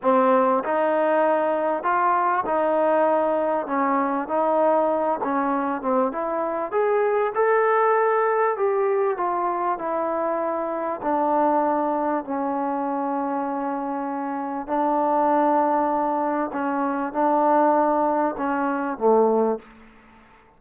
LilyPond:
\new Staff \with { instrumentName = "trombone" } { \time 4/4 \tempo 4 = 98 c'4 dis'2 f'4 | dis'2 cis'4 dis'4~ | dis'8 cis'4 c'8 e'4 gis'4 | a'2 g'4 f'4 |
e'2 d'2 | cis'1 | d'2. cis'4 | d'2 cis'4 a4 | }